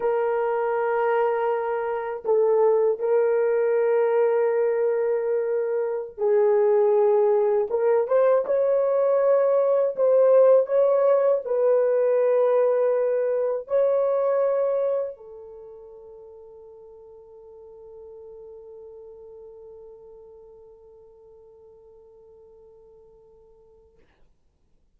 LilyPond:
\new Staff \with { instrumentName = "horn" } { \time 4/4 \tempo 4 = 80 ais'2. a'4 | ais'1~ | ais'16 gis'2 ais'8 c''8 cis''8.~ | cis''4~ cis''16 c''4 cis''4 b'8.~ |
b'2~ b'16 cis''4.~ cis''16~ | cis''16 a'2.~ a'8.~ | a'1~ | a'1 | }